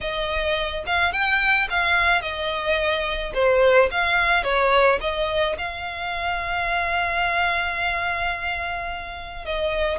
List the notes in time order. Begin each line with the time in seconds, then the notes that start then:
0.00 D#5
0.86 F5
1.12 G5
1.70 F5
2.21 D#5
3.33 C5
3.91 F5
4.43 C#5
5.01 D#5
5.58 F5
9.45 D#5